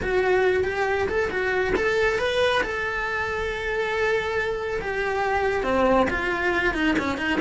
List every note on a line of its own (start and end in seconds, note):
0.02 0.64 F#4
0.64 1.07 G4
1.08 1.30 A4
1.30 1.73 F#4
1.75 2.18 A4
2.18 2.62 B4
2.63 4.80 A4
4.81 5.63 G4
5.63 6.07 C4
6.10 6.74 F4
6.74 6.95 D#4
6.98 7.17 C#4
7.17 7.39 D#4